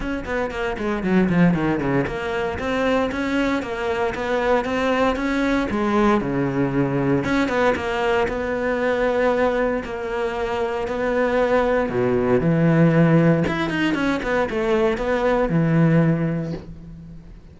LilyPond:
\new Staff \with { instrumentName = "cello" } { \time 4/4 \tempo 4 = 116 cis'8 b8 ais8 gis8 fis8 f8 dis8 cis8 | ais4 c'4 cis'4 ais4 | b4 c'4 cis'4 gis4 | cis2 cis'8 b8 ais4 |
b2. ais4~ | ais4 b2 b,4 | e2 e'8 dis'8 cis'8 b8 | a4 b4 e2 | }